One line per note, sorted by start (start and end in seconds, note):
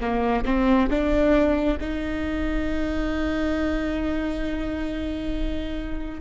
0.00 0.44 A#3
0.45 0.89 C4
0.90 1.78 D4
1.80 6.20 D#4